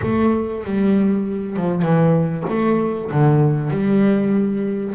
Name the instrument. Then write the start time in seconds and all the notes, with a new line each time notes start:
double bass
0.02 A3
0.64 G3
1.56 F3
1.82 E3
2.49 A3
3.11 D3
3.70 G3